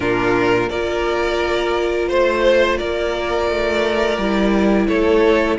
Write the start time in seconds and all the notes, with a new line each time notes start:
0.00 A#2 D4 F4 A#4
0.69 A#3 F4 A#4 D5
2.08 A3 C5
2.77 A#3 A#4 D5
3.50 A3
4.17 G3 E4
4.87 A3 A4 C#5